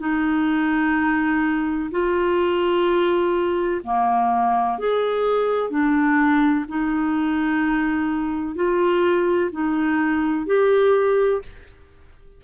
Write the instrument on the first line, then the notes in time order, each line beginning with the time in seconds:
clarinet
0.00 D#4
1.91 F4
3.84 A#3
4.79 G#4
5.71 D4
6.68 D#4
8.56 F4
9.52 D#4
10.47 G4